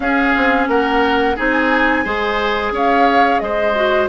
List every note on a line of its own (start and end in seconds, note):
0.00 0.34 C#4
0.00 1.36 C#4
0.00 0.69 G#4
0.00 0.66 F5
0.36 0.68 C4
0.68 1.36 A#3
0.68 1.36 A#4
0.68 1.37 F#5
1.36 2.05 C4
1.36 2.04 D#4
1.36 2.04 G#4
1.36 2.74 G#5
2.04 2.71 G#3
2.04 3.75 G#4
2.04 2.72 C5
2.71 3.39 C#4
2.71 3.41 C#5
2.71 3.39 F5
3.39 4.08 G#3
3.39 4.08 C5
3.39 4.07 D#5
3.75 4.08 F#4